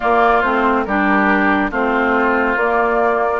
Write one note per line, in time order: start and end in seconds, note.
0.00 0.42 A#3
0.00 0.43 A#3
0.00 0.83 F4
0.00 0.40 D5
0.40 0.86 A3
0.40 0.86 C4
0.40 0.83 C5
0.84 1.71 G3
0.84 1.71 D4
0.84 1.71 G4
0.84 1.69 A#4
1.71 2.56 A3
1.71 2.57 C4
1.71 3.39 F4
1.71 2.58 C5
2.56 3.39 A#3
2.56 3.39 D5